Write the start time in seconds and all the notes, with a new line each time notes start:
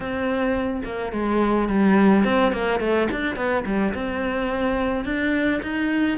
0.00 C4
0.85 A#3
1.12 G#3
1.68 G3
2.24 C4
2.52 A#3
2.80 A3
3.11 D4
3.35 B3
3.65 G3
3.94 C4
5.04 D4
5.62 D#4